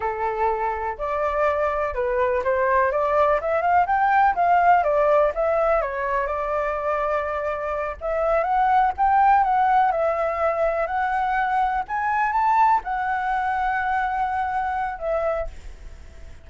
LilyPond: \new Staff \with { instrumentName = "flute" } { \time 4/4 \tempo 4 = 124 a'2 d''2 | b'4 c''4 d''4 e''8 f''8 | g''4 f''4 d''4 e''4 | cis''4 d''2.~ |
d''8 e''4 fis''4 g''4 fis''8~ | fis''8 e''2 fis''4.~ | fis''8 gis''4 a''4 fis''4.~ | fis''2. e''4 | }